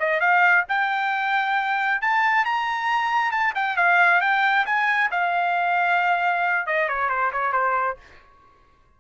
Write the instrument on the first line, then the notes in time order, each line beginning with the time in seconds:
trumpet
0.00 D#5
0.20 F5
0.69 G5
2.02 A5
2.45 A#5
3.32 A5
3.55 G5
3.77 F5
4.21 G5
4.66 G#5
5.11 F5
6.67 D#5
6.89 C#5
7.09 C5
7.33 C#5
7.53 C5